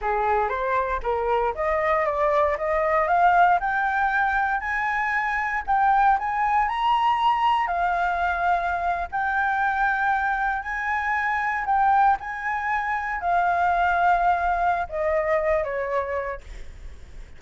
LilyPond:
\new Staff \with { instrumentName = "flute" } { \time 4/4 \tempo 4 = 117 gis'4 c''4 ais'4 dis''4 | d''4 dis''4 f''4 g''4~ | g''4 gis''2 g''4 | gis''4 ais''2 f''4~ |
f''4.~ f''16 g''2~ g''16~ | g''8. gis''2 g''4 gis''16~ | gis''4.~ gis''16 f''2~ f''16~ | f''4 dis''4. cis''4. | }